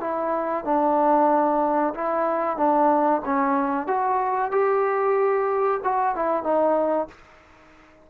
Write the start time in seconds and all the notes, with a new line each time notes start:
0.00 E4
0.65 D4
1.94 E4
2.57 D4
3.25 C#4
3.87 F#4
4.51 G4
5.84 F#4
6.15 E4
6.43 D#4